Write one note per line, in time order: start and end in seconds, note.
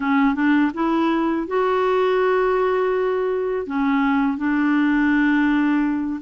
0.00 0.35 C#4
0.35 0.71 D4
0.74 1.47 E4
1.47 3.66 F#4
3.66 4.37 C#4
4.37 6.20 D4